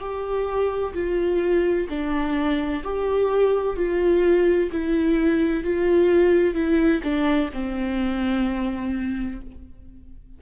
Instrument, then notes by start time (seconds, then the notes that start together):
viola
0.00 G4
0.94 F4
1.90 D4
2.83 G4
3.77 F4
4.72 E4
5.64 F4
6.54 E4
7.04 D4
7.54 C4